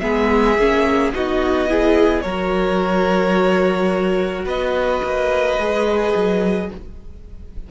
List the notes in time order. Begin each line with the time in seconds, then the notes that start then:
0.00 G#3 B3 G#4 E5
0.58 A#3 C#4
1.13 B3 D#4 F#4 D#5
1.69 E4 G#4
2.22 F#3 F#4 A#4 C#5
4.46 B3 B4 D#5
5.04 A#3
5.59 G#3 G#4
6.16 F#3